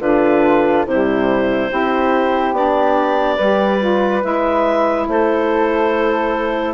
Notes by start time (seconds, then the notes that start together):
0.00 D3 D4 F4 B4
0.86 C3 G3 E4 C5
1.70 C4 E4 G4
2.52 B3 D4 D5
3.36 G3 G4 B4
3.80 F4
4.21 G#3 E4 E5
5.08 A3 A4 C5